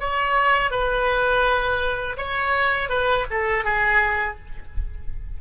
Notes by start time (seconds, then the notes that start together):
0.00 C#5
0.71 B4
2.18 C#5
2.90 B4
3.31 A4
3.65 G#4